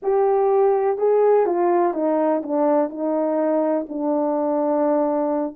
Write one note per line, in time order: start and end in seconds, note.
0.02 0.98 G4
0.98 1.46 G#4
1.46 1.93 F4
1.93 2.42 D#4
2.42 2.89 D4
2.89 3.86 D#4
3.88 5.56 D4